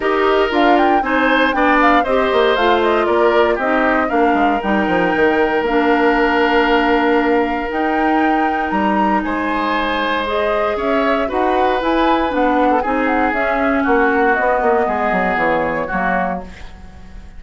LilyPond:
<<
  \new Staff \with { instrumentName = "flute" } { \time 4/4 \tempo 4 = 117 dis''4 f''8 g''8 gis''4 g''8 f''8 | dis''4 f''8 dis''8 d''4 dis''4 | f''4 g''2 f''4~ | f''2. g''4~ |
g''4 ais''4 gis''2 | dis''4 e''4 fis''4 gis''4 | fis''4 gis''8 fis''8 e''4 fis''4 | dis''2 cis''2 | }
  \new Staff \with { instrumentName = "oboe" } { \time 4/4 ais'2 c''4 d''4 | c''2 ais'4 g'4 | ais'1~ | ais'1~ |
ais'2 c''2~ | c''4 cis''4 b'2~ | b'8. a'16 gis'2 fis'4~ | fis'4 gis'2 fis'4 | }
  \new Staff \with { instrumentName = "clarinet" } { \time 4/4 g'4 f'4 dis'4 d'4 | g'4 f'2 dis'4 | d'4 dis'2 d'4~ | d'2. dis'4~ |
dis'1 | gis'2 fis'4 e'4 | d'4 dis'4 cis'2 | b2. ais4 | }
  \new Staff \with { instrumentName = "bassoon" } { \time 4/4 dis'4 d'4 c'4 b4 | c'8 ais8 a4 ais4 c'4 | ais8 gis8 g8 f8 dis4 ais4~ | ais2. dis'4~ |
dis'4 g4 gis2~ | gis4 cis'4 dis'4 e'4 | b4 c'4 cis'4 ais4 | b8 ais8 gis8 fis8 e4 fis4 | }
>>